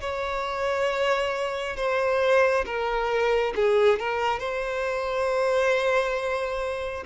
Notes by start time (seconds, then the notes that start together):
0.00 C#5
1.76 C5
2.65 A#4
3.55 G#4
3.99 A#4
4.39 C5